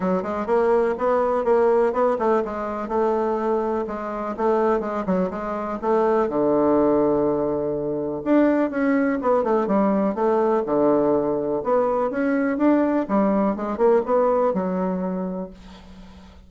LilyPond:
\new Staff \with { instrumentName = "bassoon" } { \time 4/4 \tempo 4 = 124 fis8 gis8 ais4 b4 ais4 | b8 a8 gis4 a2 | gis4 a4 gis8 fis8 gis4 | a4 d2.~ |
d4 d'4 cis'4 b8 a8 | g4 a4 d2 | b4 cis'4 d'4 g4 | gis8 ais8 b4 fis2 | }